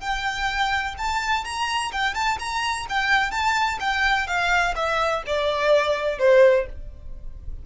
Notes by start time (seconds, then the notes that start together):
0.00 G5
0.98 A5
1.44 A#5
1.92 G5
2.14 A5
2.39 A#5
2.89 G5
3.31 A5
3.80 G5
4.27 F5
4.75 E5
5.26 D5
6.19 C5